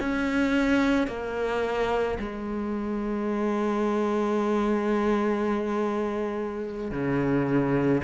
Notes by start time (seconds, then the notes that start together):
0.00 C#4
1.07 A#3
2.19 G#3
6.91 C#3